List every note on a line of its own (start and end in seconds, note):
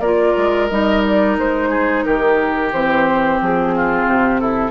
0.00 0.34 A#3
0.00 0.70 F4
0.00 1.70 A#4
0.00 0.68 D5
0.37 0.71 G#3
0.69 1.38 G3
0.69 2.72 D#4
0.69 1.02 D#5
1.03 1.37 D5
1.38 2.05 G#3
1.38 2.04 C5
1.70 2.04 G#4
2.04 2.73 D#3
2.04 3.75 G4
2.04 2.71 A#4
2.73 3.41 E3
2.73 4.71 C4
2.73 3.40 C5
3.42 4.06 F3
3.42 4.10 G#4
3.76 4.41 F4
4.06 4.71 C3
4.06 4.41 G4
4.41 4.71 E4
4.41 4.71 A4